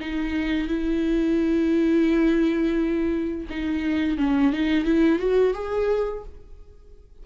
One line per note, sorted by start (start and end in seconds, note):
0.00 0.68 D#4
0.68 3.47 E4
3.50 4.17 D#4
4.17 4.52 C#4
4.53 4.85 D#4
4.85 5.19 E4
5.19 5.54 F#4
5.54 6.23 G#4